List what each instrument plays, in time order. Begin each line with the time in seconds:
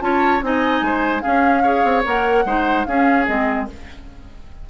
0.00 bassoon C#4, clarinet F4, oboe C#5, flute A5
0.42 bassoon C4, clarinet D#4, oboe D#5, flute G#5
0.81 bassoon G#3, oboe C5
1.21 clarinet C#4, bassoon C#4, oboe G#4, flute F5
1.63 clarinet G#4, oboe C#5
1.84 bassoon C4
2.04 bassoon A#3, clarinet A#4, flute F#5
2.45 bassoon G#3, clarinet D#4, oboe C5
2.85 bassoon C#4, clarinet C#4, oboe G#4, flute F5
3.26 bassoon G#3, clarinet C4, flute D#5